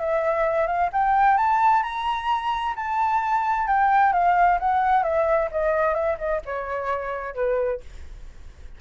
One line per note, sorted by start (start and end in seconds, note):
0.00 0.67 E5
0.67 0.90 F5
0.92 1.37 G5
1.37 1.83 A5
1.83 2.75 A#5
2.76 3.67 A5
3.67 4.13 G5
4.13 4.58 F5
4.59 5.03 F#5
5.03 5.49 E5
5.51 5.94 D#5
5.94 6.17 E5
6.18 6.41 D#5
6.45 7.35 C#5
7.35 7.80 B4